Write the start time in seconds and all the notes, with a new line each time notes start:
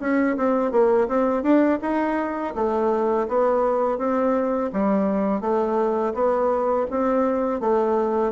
0.00 C#4
0.37 C4
0.71 A#3
1.08 C4
1.43 D4
1.82 D#4
2.55 A3
3.28 B3
3.98 C4
4.73 G3
5.41 A3
6.14 B3
6.90 C4
7.60 A3